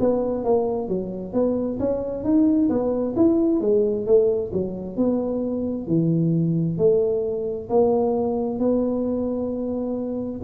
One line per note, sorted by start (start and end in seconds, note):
0.00 0.45 B3
0.45 0.89 A#3
0.89 1.33 F#3
1.33 1.79 B3
1.80 2.24 C#4
2.24 2.70 D#4
2.70 3.15 B3
3.17 3.61 E4
3.61 4.07 G#3
4.07 4.52 A3
4.53 4.97 F#3
4.97 5.88 B3
5.88 6.79 E3
6.79 7.69 A3
7.70 8.60 A#3
8.60 10.41 B3